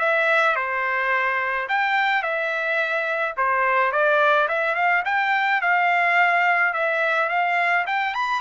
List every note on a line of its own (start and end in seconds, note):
0.00 0.56 E5
0.56 1.68 C5
1.69 2.23 G5
2.23 3.35 E5
3.37 3.92 C5
3.92 4.48 D5
4.48 4.75 E5
4.75 5.03 F5
5.05 5.62 G5
5.62 6.74 F5
6.74 7.29 E5
7.29 7.86 F5
7.87 8.14 G5
8.14 8.41 B5